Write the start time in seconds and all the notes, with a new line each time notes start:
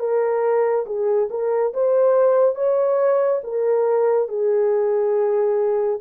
0.00 A#4
0.86 G#4
1.31 A#4
1.74 C5
2.56 C#5
3.44 A#4
4.29 G#4